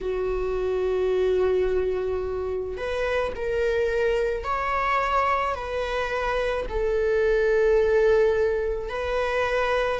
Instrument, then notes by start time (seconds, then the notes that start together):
viola
0.01 F#4
2.77 B4
3.35 A#4
4.43 C#5
5.55 B4
6.69 A4
8.89 B4